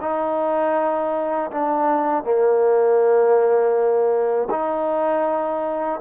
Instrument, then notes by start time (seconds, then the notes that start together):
trombone
0.00 D#4
1.50 D4
2.23 A#3
4.50 D#4